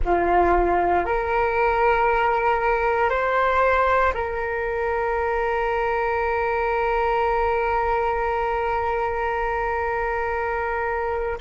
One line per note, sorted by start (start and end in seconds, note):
0.05 1.05 F4
1.05 3.09 A#4
3.09 4.13 C5
4.14 11.38 A#4